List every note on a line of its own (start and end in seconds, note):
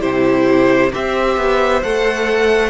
0.00 0.92 C3
0.00 0.91 E4
0.00 0.91 G4
0.00 0.92 C5
0.92 1.36 C4
0.92 1.83 G4
0.92 2.70 C5
0.92 1.82 E5
1.36 1.82 B3
1.82 2.70 A3
1.82 2.70 A4
1.82 2.70 F#5